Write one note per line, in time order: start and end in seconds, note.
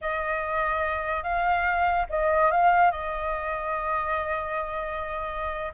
0.01 1.23 D#5
1.23 2.06 F5
2.09 2.51 D#5
2.51 2.91 F5
2.91 5.72 D#5